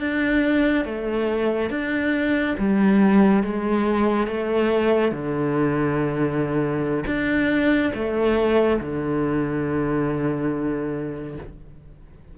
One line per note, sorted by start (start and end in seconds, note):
0.00 0.85 D4
0.85 1.70 A3
1.70 2.56 D4
2.58 3.43 G3
3.43 4.27 G#3
4.27 5.12 A3
5.12 7.05 D3
7.07 7.92 D4
7.94 8.80 A3
8.81 11.38 D3